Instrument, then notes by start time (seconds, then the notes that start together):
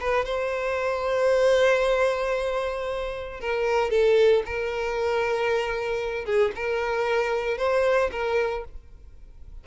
violin
0.00 B4
0.25 C5
3.40 A#4
3.90 A4
4.46 A#4
6.25 G#4
6.56 A#4
7.58 C5
8.12 A#4